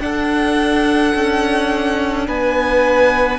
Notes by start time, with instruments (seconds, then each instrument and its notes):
0.00 cello D4, viola D4, violin A4 F#5
1.14 cello C#4
2.27 cello B3, violin B4 G#5